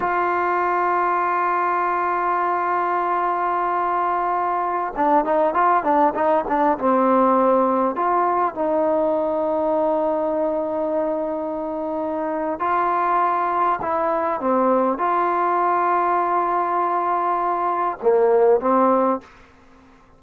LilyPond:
\new Staff \with { instrumentName = "trombone" } { \time 4/4 \tempo 4 = 100 f'1~ | f'1~ | f'16 d'8 dis'8 f'8 d'8 dis'8 d'8 c'8.~ | c'4~ c'16 f'4 dis'4.~ dis'16~ |
dis'1~ | dis'4 f'2 e'4 | c'4 f'2.~ | f'2 ais4 c'4 | }